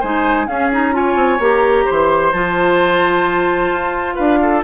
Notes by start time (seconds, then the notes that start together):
0.00 G#3 D#4 C5 G#5
0.47 C#4 G#4 F5
0.72 D#4 A#5
0.92 F4 C#5 G#5
1.15 C4
1.39 A#3 G4 A#5
1.85 E3 C5 C6
2.33 F3 F4 A5
3.71 F4
4.15 D4 B4 F5
4.42 A4